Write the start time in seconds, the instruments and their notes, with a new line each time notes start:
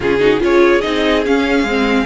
0.00 cello C#3, viola C#4, violin F4 G#4
0.19 viola D#4, violin F#4
0.39 cello C#4, viola F4, violin G#4 C#5
0.81 cello C4, viola D#4, violin D#5
1.26 viola C#4, cello C#4, violin F5
1.63 cello G#3, viola C4